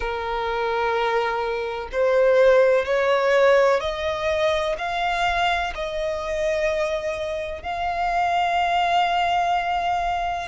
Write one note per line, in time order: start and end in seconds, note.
0.00 1.88 A#4
1.92 2.85 C5
2.85 3.80 C#5
3.80 4.75 D#5
4.77 5.73 F5
5.74 7.62 D#5
7.62 10.47 F5